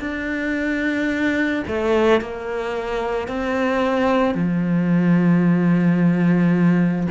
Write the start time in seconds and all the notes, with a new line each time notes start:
0.00 D4
1.68 A3
2.21 A#3
3.28 C4
4.34 F3